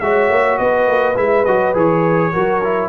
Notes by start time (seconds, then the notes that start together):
0.00 G#3 F#4 C#5 E5
0.30 A#3
0.58 B3 B4 D#5
0.87 A#3
1.15 G#3 E4 E5
1.45 F#3 F#4 D#5
1.74 E3 G#4 C#5
2.33 F#3 F#4 A#4
2.64 E4